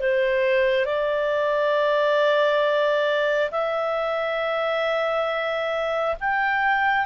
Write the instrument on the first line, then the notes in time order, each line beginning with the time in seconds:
clarinet
0.00 C5
0.85 D5
3.51 E5
6.20 G5